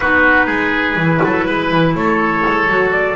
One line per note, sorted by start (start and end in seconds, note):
0.00 0.47 B3
0.00 0.99 D#4
0.00 0.46 F#4
0.00 1.94 B4
0.46 0.96 G#3
0.46 1.19 G#4
0.96 1.20 E3
0.96 2.68 E4
1.24 1.47 F#3
1.24 1.45 A4
1.45 1.71 G#3
1.45 1.93 B4
1.71 1.94 E3
1.94 2.43 A3
1.94 3.16 A4
1.94 2.91 C#5
2.46 2.68 G#3
2.68 3.16 F#3
2.68 3.16 F#4
2.91 3.16 D5